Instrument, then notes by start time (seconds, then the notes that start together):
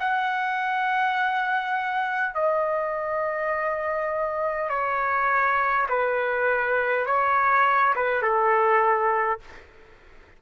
trumpet
0.00 F#5
2.34 D#5
4.70 C#5
5.89 B4
7.06 C#5
7.95 B4
8.22 A4